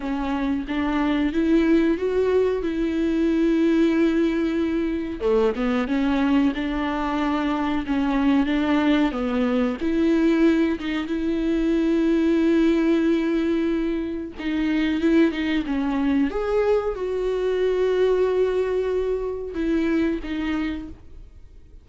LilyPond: \new Staff \with { instrumentName = "viola" } { \time 4/4 \tempo 4 = 92 cis'4 d'4 e'4 fis'4 | e'1 | a8 b8 cis'4 d'2 | cis'4 d'4 b4 e'4~ |
e'8 dis'8 e'2.~ | e'2 dis'4 e'8 dis'8 | cis'4 gis'4 fis'2~ | fis'2 e'4 dis'4 | }